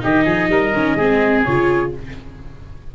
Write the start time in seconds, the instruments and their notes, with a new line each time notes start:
0.00 tuba D#3, viola D#4, oboe G4, trumpet D#5
0.24 tuba F3, oboe G#4
0.49 tuba G3, oboe A#4
0.74 tuba D#3, viola C#4
0.95 tuba G#3, viola C4, oboe G#4
1.44 tuba C#3, viola F4, trumpet C#5